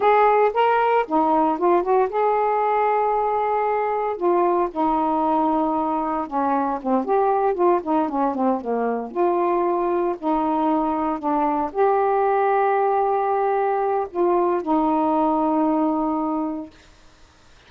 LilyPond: \new Staff \with { instrumentName = "saxophone" } { \time 4/4 \tempo 4 = 115 gis'4 ais'4 dis'4 f'8 fis'8 | gis'1 | f'4 dis'2. | cis'4 c'8 g'4 f'8 dis'8 cis'8 |
c'8 ais4 f'2 dis'8~ | dis'4. d'4 g'4.~ | g'2. f'4 | dis'1 | }